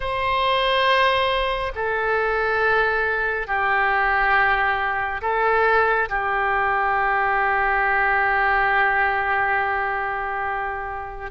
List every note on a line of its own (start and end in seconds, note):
0.00 1.72 C5
1.75 3.47 A4
3.47 5.21 G4
5.21 6.08 A4
6.09 11.30 G4